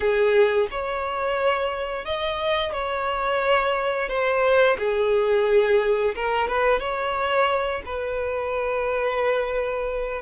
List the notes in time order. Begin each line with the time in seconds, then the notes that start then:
0.00 G#4
0.70 C#5
2.05 D#5
2.73 C#5
4.08 C5
4.78 G#4
6.15 A#4
6.48 B4
6.79 C#5
7.85 B4